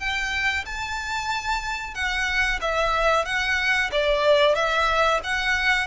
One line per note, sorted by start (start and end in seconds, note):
0.00 0.65 G5
0.66 1.95 A5
1.95 2.60 F#5
2.62 3.26 E5
3.26 3.91 F#5
3.92 4.55 D5
4.55 5.21 E5
5.24 5.88 F#5